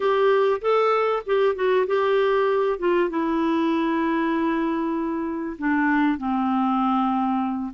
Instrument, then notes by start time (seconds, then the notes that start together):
clarinet
0.00 G4
0.61 A4
1.26 G4
1.55 F#4
1.87 G4
2.78 F4
3.09 E4
5.58 D4
6.18 C4